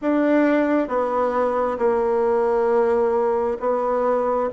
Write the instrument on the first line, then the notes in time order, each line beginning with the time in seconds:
bassoon
0.01 D4
0.88 B3
1.78 A#3
3.59 B3